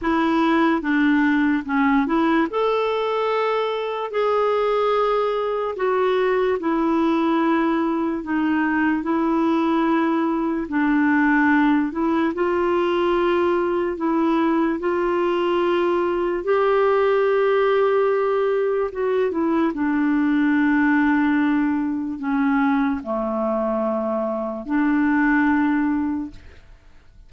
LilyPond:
\new Staff \with { instrumentName = "clarinet" } { \time 4/4 \tempo 4 = 73 e'4 d'4 cis'8 e'8 a'4~ | a'4 gis'2 fis'4 | e'2 dis'4 e'4~ | e'4 d'4. e'8 f'4~ |
f'4 e'4 f'2 | g'2. fis'8 e'8 | d'2. cis'4 | a2 d'2 | }